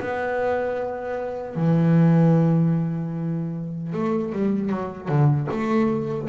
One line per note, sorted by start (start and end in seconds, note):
0.00 1.56 B3
1.56 3.93 E3
3.93 4.33 A3
4.33 4.70 G3
4.70 5.08 F#3
5.08 5.48 D3
5.51 6.29 A3